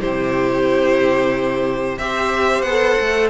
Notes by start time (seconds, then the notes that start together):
0.00 C3 E4 G4 C5
1.98 C4 G4 C5 E5
2.62 B3 A4 F#5
3.01 A3